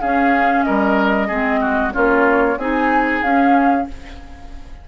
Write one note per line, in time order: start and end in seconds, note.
0.00 0.65 C#4
0.00 1.30 C#4
0.00 0.65 G#4
0.00 0.63 F5
0.63 1.29 G3
0.63 1.27 A#4
0.63 1.92 D#5
1.27 1.94 G#3
1.27 1.91 C4
1.27 1.59 G#4
1.60 1.92 F#4
1.91 2.57 A#3
1.91 2.56 C#4
1.91 2.58 F4
1.91 2.58 C#5
2.57 3.21 C4
2.57 3.23 D#4
2.57 3.87 G#4
2.57 3.22 G#5
3.22 3.87 C#4
3.22 3.88 C#4
3.22 3.87 F5